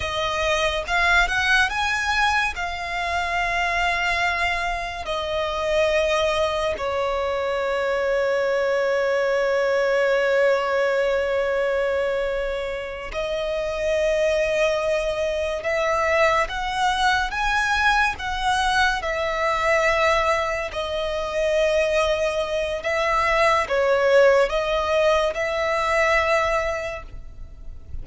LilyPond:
\new Staff \with { instrumentName = "violin" } { \time 4/4 \tempo 4 = 71 dis''4 f''8 fis''8 gis''4 f''4~ | f''2 dis''2 | cis''1~ | cis''2.~ cis''8 dis''8~ |
dis''2~ dis''8 e''4 fis''8~ | fis''8 gis''4 fis''4 e''4.~ | e''8 dis''2~ dis''8 e''4 | cis''4 dis''4 e''2 | }